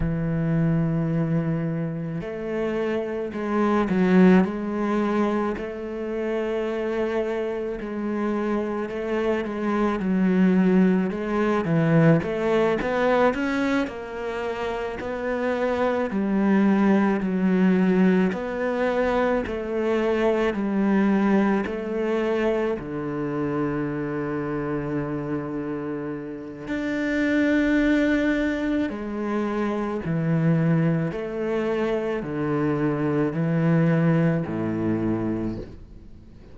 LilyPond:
\new Staff \with { instrumentName = "cello" } { \time 4/4 \tempo 4 = 54 e2 a4 gis8 fis8 | gis4 a2 gis4 | a8 gis8 fis4 gis8 e8 a8 b8 | cis'8 ais4 b4 g4 fis8~ |
fis8 b4 a4 g4 a8~ | a8 d2.~ d8 | d'2 gis4 e4 | a4 d4 e4 a,4 | }